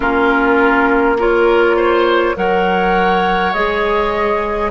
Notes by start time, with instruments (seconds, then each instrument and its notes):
0.00 bassoon A#3, clarinet C#4, oboe F4, flute A#4
1.18 clarinet F4, oboe A#4, flute C#5
1.76 oboe C5
2.35 bassoon F#3, clarinet A#4, oboe C#5, flute F#5
3.53 bassoon G#3, clarinet G#4, flute D#5